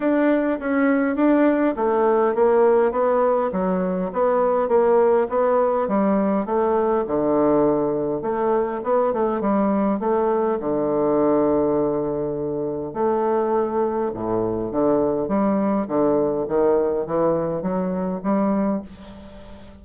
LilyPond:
\new Staff \with { instrumentName = "bassoon" } { \time 4/4 \tempo 4 = 102 d'4 cis'4 d'4 a4 | ais4 b4 fis4 b4 | ais4 b4 g4 a4 | d2 a4 b8 a8 |
g4 a4 d2~ | d2 a2 | a,4 d4 g4 d4 | dis4 e4 fis4 g4 | }